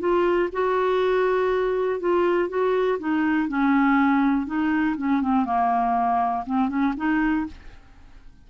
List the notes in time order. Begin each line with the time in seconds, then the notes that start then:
0.00 F4
0.53 F#4
2.00 F4
2.49 F#4
3.00 D#4
3.49 C#4
4.47 D#4
4.97 C#4
5.22 C4
5.45 A#3
6.46 C4
6.69 C#4
6.97 D#4